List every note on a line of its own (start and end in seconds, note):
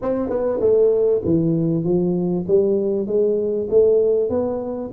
0.02 0.29 C4
0.29 0.59 B3
0.60 1.21 A3
1.24 1.84 E3
1.84 2.45 F3
2.47 3.06 G3
3.06 3.67 G#3
3.70 4.29 A3
4.29 4.90 B3